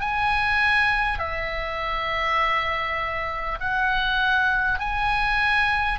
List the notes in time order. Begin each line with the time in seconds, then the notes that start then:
0.00 G#5
1.18 E5
3.59 F#5
4.79 G#5